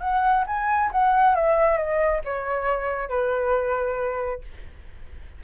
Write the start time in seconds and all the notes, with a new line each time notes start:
0.00 F#5
0.46 G#5
0.91 F#5
1.35 E5
1.77 D#5
2.24 C#5
3.09 B4